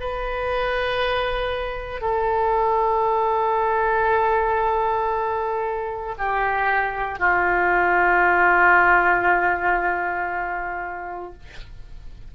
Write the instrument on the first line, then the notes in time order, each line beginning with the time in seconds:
oboe
0.00 B4
2.01 A4
6.18 G4
7.19 F4